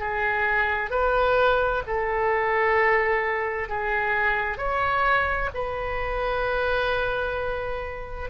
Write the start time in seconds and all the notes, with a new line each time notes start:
0.00 G#4
0.91 B4
1.87 A4
3.69 G#4
4.58 C#5
5.55 B4